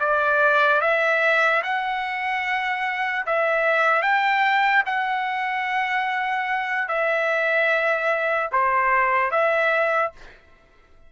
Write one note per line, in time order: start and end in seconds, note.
0.00 0.81 D5
0.81 1.62 E5
1.63 3.25 F#5
3.26 4.02 E5
4.02 4.84 G5
4.86 6.88 F#5
6.88 8.50 E5
8.52 9.31 C5
9.31 10.12 E5